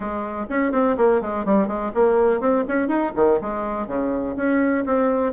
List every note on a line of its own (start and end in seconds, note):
0.00 0.46 G#3
0.49 0.72 C#4
0.72 0.96 C4
0.97 1.21 A#3
1.21 1.45 G#3
1.45 1.67 G3
1.67 1.91 G#3
1.94 2.40 A#3
2.40 2.64 C4
2.67 2.87 C#4
2.87 3.12 D#4
3.15 3.40 D#3
3.41 3.87 G#3
3.87 4.35 C#3
4.36 4.85 C#4
4.85 5.32 C4